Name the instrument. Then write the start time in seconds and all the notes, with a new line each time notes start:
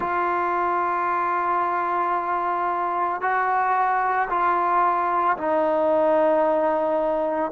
trombone
0.00 F4
3.21 F#4
4.29 F4
5.37 D#4